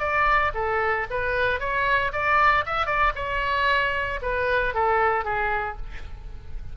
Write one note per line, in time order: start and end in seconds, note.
0.00 0.52 D5
0.55 1.07 A4
1.11 1.60 B4
1.60 2.12 C#5
2.13 2.65 D5
2.66 2.87 E5
2.87 3.13 D5
3.16 4.20 C#5
4.22 4.75 B4
4.75 5.25 A4
5.25 5.77 G#4